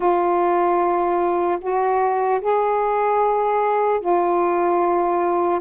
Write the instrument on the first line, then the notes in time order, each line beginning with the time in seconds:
saxophone
0.00 F4
1.60 F#4
2.41 G#4
4.00 F4